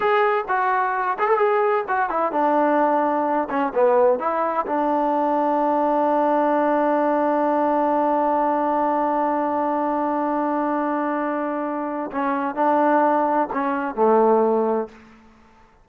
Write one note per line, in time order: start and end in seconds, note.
0.00 0.44 G#4
0.48 1.17 F#4
1.18 1.28 G#4
1.28 1.38 A4
1.38 1.84 G#4
1.88 2.09 F#4
2.09 2.32 E4
2.32 3.48 D4
3.49 3.72 C#4
3.74 4.19 B3
4.19 4.65 E4
4.66 12.10 D4
12.11 12.55 C#4
12.55 13.48 D4
13.52 13.95 C#4
13.95 14.88 A3